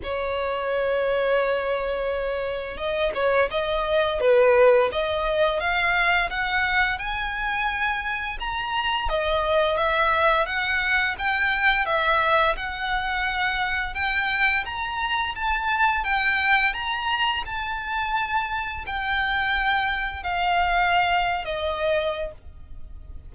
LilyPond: \new Staff \with { instrumentName = "violin" } { \time 4/4 \tempo 4 = 86 cis''1 | dis''8 cis''8 dis''4 b'4 dis''4 | f''4 fis''4 gis''2 | ais''4 dis''4 e''4 fis''4 |
g''4 e''4 fis''2 | g''4 ais''4 a''4 g''4 | ais''4 a''2 g''4~ | g''4 f''4.~ f''16 dis''4~ dis''16 | }